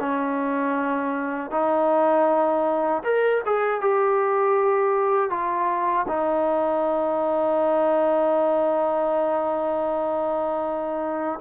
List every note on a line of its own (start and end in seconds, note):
0.00 1.51 C#4
1.51 3.03 D#4
3.04 3.42 A#4
3.46 3.81 G#4
3.81 5.30 G4
5.30 6.06 F4
6.08 11.40 D#4